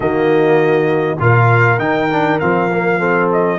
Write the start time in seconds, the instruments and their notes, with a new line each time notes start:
0.00 tuba D#3, trombone A#3, horn F#4, trumpet D#5
1.19 tuba A#2, trombone F4, horn A#4, trumpet F5
1.78 tuba D#3, trombone D#4, trumpet G5
2.11 trombone D4
2.39 tuba F3, trombone C4, trumpet F5
2.72 trombone A#3
2.98 trombone C4, horn A4
3.32 trumpet D#5